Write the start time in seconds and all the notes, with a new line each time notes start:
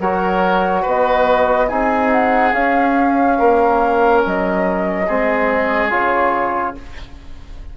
0.00 F#3 F#4 A#4 C#5
0.82 B3 B4 D#5
1.69 C4 D#4 G#4 G#5
2.12 F#5
2.53 C#4 F5
3.38 A#3 A#4
4.26 F#3 D#5
5.07 G#3 C4 G#4
5.90 C#3 F4 C#5